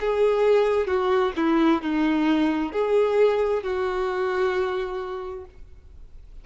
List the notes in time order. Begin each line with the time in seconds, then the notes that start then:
0.00 G#4
0.87 F#4
1.36 E4
1.82 D#4
2.72 G#4
3.63 F#4